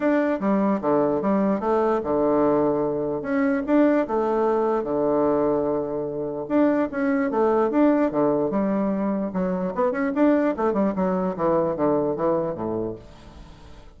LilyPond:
\new Staff \with { instrumentName = "bassoon" } { \time 4/4 \tempo 4 = 148 d'4 g4 d4 g4 | a4 d2. | cis'4 d'4 a2 | d1 |
d'4 cis'4 a4 d'4 | d4 g2 fis4 | b8 cis'8 d'4 a8 g8 fis4 | e4 d4 e4 a,4 | }